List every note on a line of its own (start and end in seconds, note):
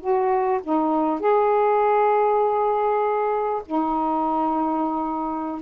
0.00 0.61 F#4
0.63 1.20 D#4
1.20 3.62 G#4
3.66 5.62 D#4